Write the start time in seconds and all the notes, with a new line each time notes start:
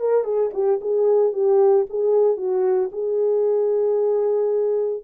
0.00 A#4
0.24 G#4
0.54 G4
0.81 G#4
1.33 G4
1.90 G#4
2.37 F#4
2.92 G#4